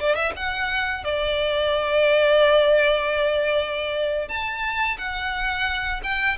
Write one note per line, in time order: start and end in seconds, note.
0.00 0.16 D5
0.16 0.33 E5
0.36 1.04 F#5
1.04 4.29 D5
4.29 4.98 A5
4.98 6.02 F#5
6.04 6.38 G5